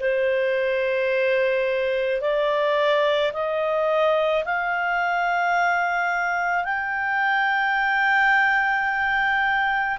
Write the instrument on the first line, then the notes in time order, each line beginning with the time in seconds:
clarinet
0.00 C5
2.21 D5
3.33 D#5
4.44 F5
6.64 G5